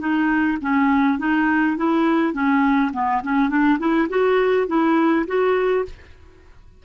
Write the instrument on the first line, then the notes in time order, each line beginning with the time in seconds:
clarinet
0.00 D#4
0.62 C#4
1.19 D#4
1.77 E4
2.34 C#4
2.93 B3
3.24 C#4
3.50 D4
3.79 E4
4.09 F#4
4.68 E4
5.27 F#4